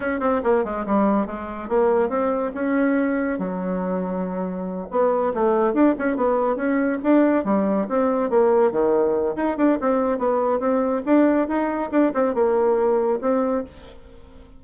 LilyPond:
\new Staff \with { instrumentName = "bassoon" } { \time 4/4 \tempo 4 = 141 cis'8 c'8 ais8 gis8 g4 gis4 | ais4 c'4 cis'2 | fis2.~ fis8 b8~ | b8 a4 d'8 cis'8 b4 cis'8~ |
cis'8 d'4 g4 c'4 ais8~ | ais8 dis4. dis'8 d'8 c'4 | b4 c'4 d'4 dis'4 | d'8 c'8 ais2 c'4 | }